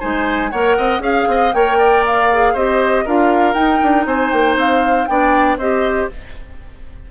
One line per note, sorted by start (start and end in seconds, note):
0.00 0.53 G#3
0.00 0.51 D#4
0.00 0.51 C5
0.00 0.51 G#5
0.51 0.78 A#3
0.51 1.01 A#4
0.51 0.77 C#5
0.51 1.01 F#5
0.77 0.99 C4
0.77 1.03 D#5
0.99 1.25 C#4
0.99 1.51 G#4
0.99 1.28 F5
1.05 1.54 F5
1.28 1.54 C4
1.28 1.55 D#5
1.54 2.55 A#3
1.54 2.30 A#4
1.54 1.78 C#5
1.54 2.05 G5
1.78 2.54 D5
2.07 2.57 F5
2.33 2.57 G#4
2.54 3.06 C4
2.54 3.07 G4
2.54 3.05 C5
2.54 3.08 D#5
3.05 3.55 D4
3.05 3.55 F4
3.05 4.07 A#4
3.05 3.54 F5
3.54 5.07 D#4
3.54 3.80 D#4
3.54 4.05 G5
3.83 4.06 D4
4.06 4.31 C4
4.06 5.09 C5
4.06 4.31 G#5
4.31 4.56 A#3
4.31 4.56 G5
4.56 5.07 C4
4.56 5.07 F5
5.07 5.58 B3
5.07 5.60 D4
5.07 5.58 D5
5.07 5.58 G5
5.58 6.09 C4
5.58 6.11 G4
5.58 6.09 C5
5.58 6.10 D#5